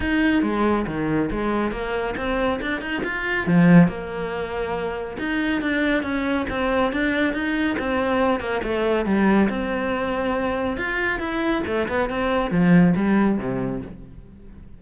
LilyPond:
\new Staff \with { instrumentName = "cello" } { \time 4/4 \tempo 4 = 139 dis'4 gis4 dis4 gis4 | ais4 c'4 d'8 dis'8 f'4 | f4 ais2. | dis'4 d'4 cis'4 c'4 |
d'4 dis'4 c'4. ais8 | a4 g4 c'2~ | c'4 f'4 e'4 a8 b8 | c'4 f4 g4 c4 | }